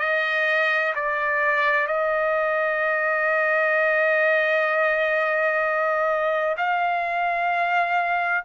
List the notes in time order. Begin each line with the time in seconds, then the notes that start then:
0.00 D#5
0.95 D5
1.87 D#5
6.57 F5